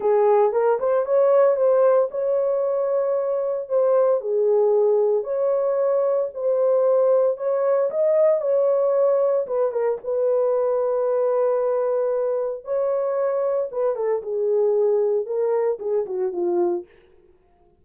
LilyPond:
\new Staff \with { instrumentName = "horn" } { \time 4/4 \tempo 4 = 114 gis'4 ais'8 c''8 cis''4 c''4 | cis''2. c''4 | gis'2 cis''2 | c''2 cis''4 dis''4 |
cis''2 b'8 ais'8 b'4~ | b'1 | cis''2 b'8 a'8 gis'4~ | gis'4 ais'4 gis'8 fis'8 f'4 | }